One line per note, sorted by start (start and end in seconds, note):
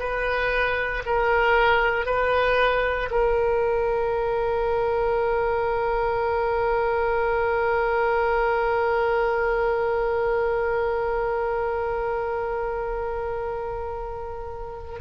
0.00 1.03 B4
1.06 2.06 A#4
2.06 3.10 B4
3.11 15.01 A#4